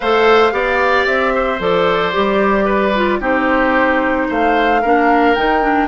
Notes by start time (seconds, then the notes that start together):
0.00 A3 A4 C5 F5
0.51 B3 G4 D5
1.06 C4 E5
1.34 C5
1.59 F3 A4 D5
2.12 G3 G4
2.64 B4
2.95 F4
3.20 C4 D#4 G4 C5
4.28 A3 C5 F5
4.81 A#3 D4 A#4
5.34 D#3 D#4 G5
5.61 D4